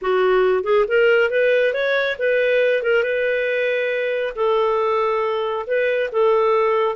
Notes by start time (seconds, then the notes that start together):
0.01 F#4
0.63 G#4
0.88 A#4
1.30 B4
1.73 C#5
2.19 B4
2.82 A#4
3.03 B4
4.35 A4
5.66 B4
6.12 A4